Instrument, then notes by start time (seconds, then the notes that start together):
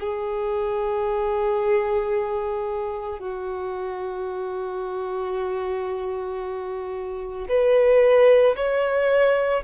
violin
0.00 G#4
3.19 F#4
7.49 B4
8.56 C#5